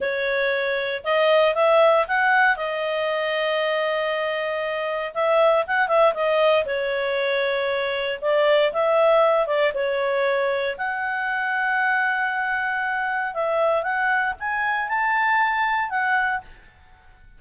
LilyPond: \new Staff \with { instrumentName = "clarinet" } { \time 4/4 \tempo 4 = 117 cis''2 dis''4 e''4 | fis''4 dis''2.~ | dis''2 e''4 fis''8 e''8 | dis''4 cis''2. |
d''4 e''4. d''8 cis''4~ | cis''4 fis''2.~ | fis''2 e''4 fis''4 | gis''4 a''2 fis''4 | }